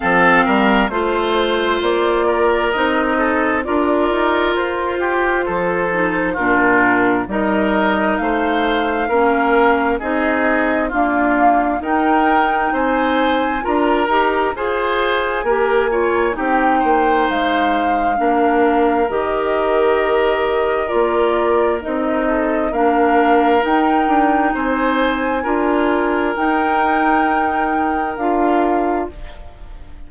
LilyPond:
<<
  \new Staff \with { instrumentName = "flute" } { \time 4/4 \tempo 4 = 66 f''4 c''4 d''4 dis''4 | d''4 c''2 ais'4 | dis''4 f''2 dis''4 | f''4 g''4 gis''4 ais''4 |
gis''2 g''4 f''4~ | f''4 dis''2 d''4 | dis''4 f''4 g''4 gis''4~ | gis''4 g''2 f''4 | }
  \new Staff \with { instrumentName = "oboe" } { \time 4/4 a'8 ais'8 c''4. ais'4 a'8 | ais'4. g'8 a'4 f'4 | ais'4 c''4 ais'4 gis'4 | f'4 ais'4 c''4 ais'4 |
c''4 ais'8 cis''8 g'8 c''4. | ais'1~ | ais'8 a'8 ais'2 c''4 | ais'1 | }
  \new Staff \with { instrumentName = "clarinet" } { \time 4/4 c'4 f'2 dis'4 | f'2~ f'8 dis'8 d'4 | dis'2 cis'4 dis'4 | ais4 dis'2 f'8 g'8 |
gis'4 g'8 f'8 dis'2 | d'4 g'2 f'4 | dis'4 d'4 dis'2 | f'4 dis'2 f'4 | }
  \new Staff \with { instrumentName = "bassoon" } { \time 4/4 f8 g8 a4 ais4 c'4 | d'8 dis'8 f'4 f4 ais,4 | g4 a4 ais4 c'4 | d'4 dis'4 c'4 d'8 dis'8 |
f'4 ais4 c'8 ais8 gis4 | ais4 dis2 ais4 | c'4 ais4 dis'8 d'8 c'4 | d'4 dis'2 d'4 | }
>>